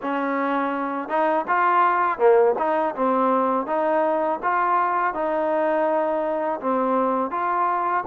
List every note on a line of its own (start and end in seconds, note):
0.02 1.08 C#4
1.08 1.45 D#4
1.47 2.18 F4
2.18 2.54 A#3
2.58 2.95 D#4
2.95 3.66 C4
3.66 4.39 D#4
4.42 5.14 F4
5.14 6.60 D#4
6.60 7.30 C4
7.30 8.04 F4